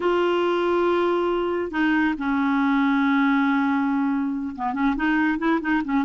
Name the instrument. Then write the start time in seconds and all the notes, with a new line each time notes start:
clarinet
0.00 F4
1.71 D#4
2.17 C#4
4.55 B3
4.73 C#4
4.96 D#4
5.38 E4
5.61 D#4
5.84 C#4